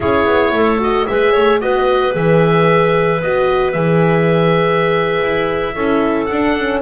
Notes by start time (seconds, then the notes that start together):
0.00 C#4 E4 G#4 C#5
0.25 B3
0.51 A3 A4
0.78 F#4 D#5
1.06 G#3 G#4 B4 E5
1.32 A3 C#5
1.60 B3 F#4 B4 D#5
2.11 E3 G#4 E5
3.21 B3 F#4 D#5
3.72 E3 G#4 E5
5.23 E4
5.75 C#4 E4 A4
6.25 D4 F#5
6.32 D4
6.58 C#4